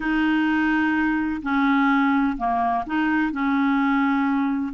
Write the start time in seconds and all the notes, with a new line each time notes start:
0.00 D#4
1.42 C#4
2.37 A#3
2.86 D#4
3.32 C#4